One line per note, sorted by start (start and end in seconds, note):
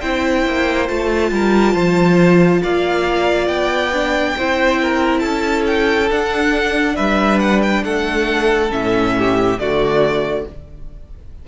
0.00 0.46 C4
0.00 0.87 E4
0.00 1.30 C5
0.00 0.87 G5
0.46 0.89 A#3
0.87 1.31 A3
0.87 3.92 F4
0.87 2.62 A5
1.31 1.74 G3
1.31 1.73 A#4
1.73 2.61 F3
1.73 2.60 C5
2.63 3.47 A#3
2.63 4.37 D5
2.63 3.47 F5
3.47 4.34 B3
3.47 5.19 G5
3.93 4.36 D4
4.37 5.23 C4
4.37 6.10 E4
4.37 4.81 C5
4.81 5.20 A#4
5.19 6.10 C#4
5.19 6.94 A4
5.19 5.62 A5
5.66 6.09 G5
6.10 8.70 D4
6.10 6.97 D4
6.10 6.96 F#5
6.95 7.84 G3
6.95 7.82 B4
6.95 7.39 E5
7.39 7.61 F#5
7.62 7.84 G5
7.84 8.71 A3
7.84 9.15 A4
7.84 8.71 F#5
8.70 9.57 A2
8.70 9.57 C#4
8.70 9.59 E5
9.18 9.61 G4
9.57 10.44 D3
9.57 10.47 A3
9.57 10.47 F#4
9.57 10.45 D5